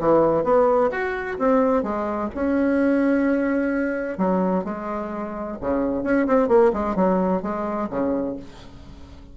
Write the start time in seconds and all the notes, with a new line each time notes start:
0.00 E3
0.44 B3
0.91 F#4
1.39 C4
1.83 G#3
2.35 C#4
4.18 F#3
4.64 G#3
5.61 C#3
6.03 C#4
6.27 C4
6.49 A#3
6.73 G#3
6.96 F#3
7.42 G#3
7.90 C#3